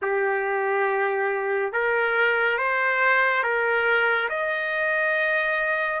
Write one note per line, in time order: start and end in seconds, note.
0.02 1.72 G4
1.72 2.58 A#4
2.58 3.43 C5
3.43 4.29 A#4
4.29 6.00 D#5